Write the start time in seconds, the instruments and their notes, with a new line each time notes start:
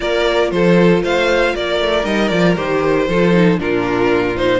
0.00 cello A#3, viola F4, violin A#4 D5
0.51 cello F3, violin A4 C5
1.02 cello A3, violin C5 F5
1.54 cello A#3, violin A#4 D5
1.80 cello A3
2.03 cello G3, viola D#4, violin D#5
2.28 cello F3, viola F4, violin D5
2.56 cello D#3, viola G4, violin C5
3.08 cello F3, viola F4, violin A4
3.33 viola D#4
3.58 cello A#2, viola D4, violin F4 A#4
4.35 viola D#4, violin C5